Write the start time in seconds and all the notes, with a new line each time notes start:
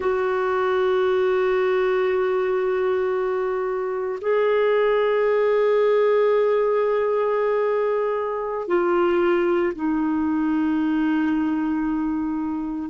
0.00 F#4
4.21 G#4
8.67 F4
9.75 D#4